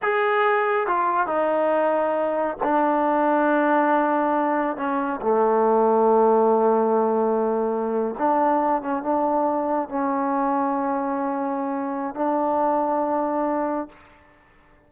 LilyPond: \new Staff \with { instrumentName = "trombone" } { \time 4/4 \tempo 4 = 138 gis'2 f'4 dis'4~ | dis'2 d'2~ | d'2. cis'4 | a1~ |
a2~ a8. d'4~ d'16~ | d'16 cis'8 d'2 cis'4~ cis'16~ | cis'1 | d'1 | }